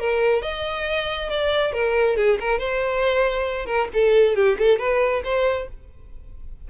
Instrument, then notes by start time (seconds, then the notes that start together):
violin
0.00 A#4
0.42 D#5
1.30 D5
1.73 A#4
2.17 G#4
2.40 A#4
2.59 C5
3.66 A#4
3.94 A4
4.36 G4
4.59 A4
4.79 B4
5.24 C5